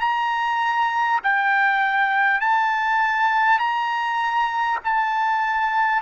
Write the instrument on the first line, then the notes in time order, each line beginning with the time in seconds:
trumpet
0.00 A#5
1.23 G5
2.41 A5
3.59 A#5
4.84 A5